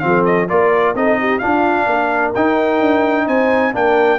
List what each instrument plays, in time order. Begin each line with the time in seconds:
0.00 tuba F3, trombone C4, trumpet F5
0.07 horn A4
0.25 trumpet D#5
0.49 tuba A#3, trombone F4, horn A#4, trumpet D5
0.95 tuba C4, trombone D#4, horn A4, trumpet D#5
1.20 horn G4
1.39 trombone D4, tuba D4, horn F4, trumpet F5
1.87 tuba A#3, horn A#4
2.35 tuba D#4, trombone D#4, trumpet G5
2.81 tuba D4
3.26 tuba C4, horn C5, trumpet G#5
3.74 tuba A#3, trombone D4, horn A#4, trumpet G5